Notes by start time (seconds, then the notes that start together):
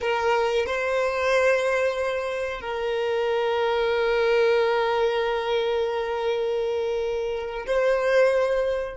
0.00 A#4
0.66 C5
2.60 A#4
7.66 C5